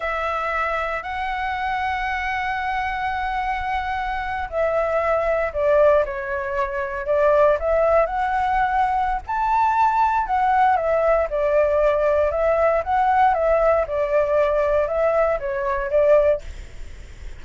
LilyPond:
\new Staff \with { instrumentName = "flute" } { \time 4/4 \tempo 4 = 117 e''2 fis''2~ | fis''1~ | fis''8. e''2 d''4 cis''16~ | cis''4.~ cis''16 d''4 e''4 fis''16~ |
fis''2 a''2 | fis''4 e''4 d''2 | e''4 fis''4 e''4 d''4~ | d''4 e''4 cis''4 d''4 | }